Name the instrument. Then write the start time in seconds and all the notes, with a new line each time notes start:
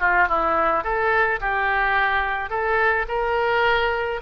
oboe
0.00 F4
0.28 E4
0.84 A4
1.40 G4
2.50 A4
3.08 A#4